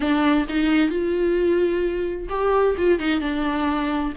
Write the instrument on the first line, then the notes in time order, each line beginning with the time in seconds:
viola
0.00 D4
0.48 D#4
0.90 F4
2.29 G4
2.77 F4
2.99 D#4
3.20 D4